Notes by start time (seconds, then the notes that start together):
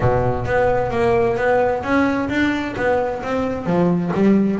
0.00 B2
0.45 B3
0.90 A#3
1.36 B3
1.83 C#4
2.29 D4
2.76 B3
3.22 C4
3.66 F3
4.14 G3